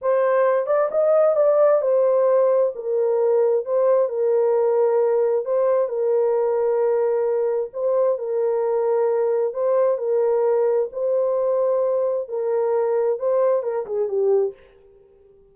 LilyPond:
\new Staff \with { instrumentName = "horn" } { \time 4/4 \tempo 4 = 132 c''4. d''8 dis''4 d''4 | c''2 ais'2 | c''4 ais'2. | c''4 ais'2.~ |
ais'4 c''4 ais'2~ | ais'4 c''4 ais'2 | c''2. ais'4~ | ais'4 c''4 ais'8 gis'8 g'4 | }